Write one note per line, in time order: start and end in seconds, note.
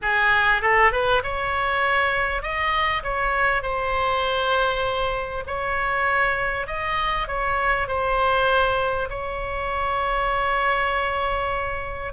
0.02 0.61 G#4
0.61 0.91 A4
0.92 1.22 B4
1.23 2.42 C#5
2.42 3.02 D#5
3.03 3.62 C#5
3.62 5.44 C5
5.47 6.67 C#5
6.67 7.27 D#5
7.27 7.87 C#5
7.87 9.08 C5
9.09 12.12 C#5